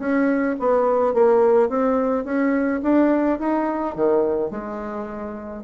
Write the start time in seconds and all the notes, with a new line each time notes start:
0.00 C#4
0.60 B3
1.14 A#3
1.69 C4
2.25 C#4
2.83 D4
3.40 D#4
3.96 D#3
4.51 G#3